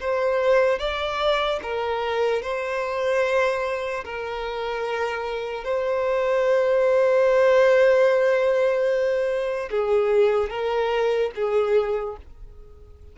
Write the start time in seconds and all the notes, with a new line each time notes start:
0.00 C5
0.79 D5
1.63 A#4
2.42 C5
4.05 A#4
5.64 C5
9.70 G#4
10.50 A#4
11.36 G#4